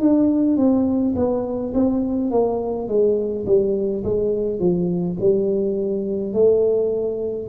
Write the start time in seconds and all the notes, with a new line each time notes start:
0.00 D4
0.57 C4
1.15 B3
1.74 C4
2.31 A#3
2.88 G#3
3.46 G3
4.04 G#3
4.59 F3
5.20 G3
6.33 A3